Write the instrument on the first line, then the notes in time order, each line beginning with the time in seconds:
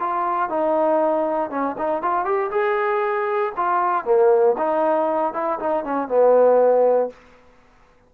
trombone
0.00 F4
0.50 D#4
1.50 C#4
1.78 D#4
2.02 F4
2.25 G4
2.51 G#4
3.57 F4
4.05 A#3
4.58 D#4
5.34 E4
5.60 D#4
5.85 C#4
6.08 B3